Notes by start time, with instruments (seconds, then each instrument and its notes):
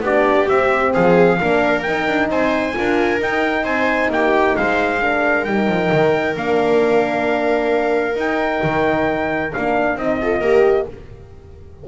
0.00 double bass B3, horn D4, viola G4, trumpet D5
0.48 double bass C4, horn C4, trumpet E5
0.93 double bass F3, viola G#4, trumpet F5
1.40 double bass A#3, horn D4, viola A#4
1.82 horn D#4, double bass D#4, trumpet G5
2.08 double bass D4
2.29 double bass C4, viola C5, trumpet G#5
2.74 double bass D4, horn F4, viola A#4
3.19 double bass D#4, horn D#4, trumpet G5
3.63 double bass C4, viola C5, trumpet G#5
4.09 double bass A#3, viola G4, trumpet G5
4.56 double bass G#3, viola C5, trumpet F5
5.00 horn D4, viola A#4
5.44 double bass G3, horn D#4, trumpet G5
5.67 double bass F3
5.92 double bass D#3
6.36 double bass A#3, horn D4, trumpet F5
8.15 horn D#4, double bass D#4, trumpet G5
8.63 double bass D#3
9.53 double bass A#3, horn D4, trumpet F5
9.95 double bass C4, horn D#4, trumpet D#5
10.21 horn F4, viola A4
10.40 double bass A#3, horn G4, viola A#4